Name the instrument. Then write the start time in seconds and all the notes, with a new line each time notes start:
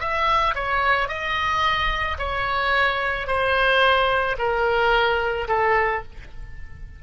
oboe
0.00 E5
0.55 C#5
1.09 D#5
2.19 C#5
3.27 C5
4.38 A#4
5.48 A4